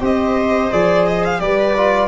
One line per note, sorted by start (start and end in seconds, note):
0.00 0.70 C4
0.00 0.70 G4
0.00 1.40 C5
0.00 0.72 D#5
0.72 1.40 F3
0.72 1.40 G#4
0.72 1.07 D5
1.07 1.24 D#5
1.24 1.40 F5
1.40 2.08 G3
1.40 1.74 G4
1.40 2.08 B4
1.40 2.08 D5
1.76 2.08 F4